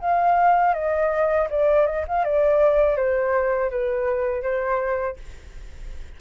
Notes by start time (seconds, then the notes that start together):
0.00 F5
0.74 D#5
1.50 D5
1.86 D#5
2.07 F5
2.24 D5
2.96 C5
3.70 B4
4.42 C5